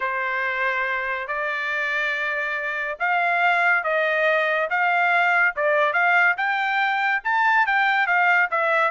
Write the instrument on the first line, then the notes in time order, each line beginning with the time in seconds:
trumpet
0.00 C5
1.27 D5
2.99 F5
3.83 D#5
4.69 F5
5.56 D5
5.93 F5
6.37 G5
7.23 A5
7.66 G5
8.06 F5
8.50 E5